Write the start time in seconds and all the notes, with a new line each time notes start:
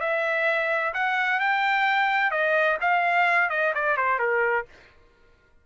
0.00 E5
0.94 F#5
1.40 G5
2.31 D#5
2.81 F5
3.50 D#5
3.74 D5
3.97 C5
4.19 A#4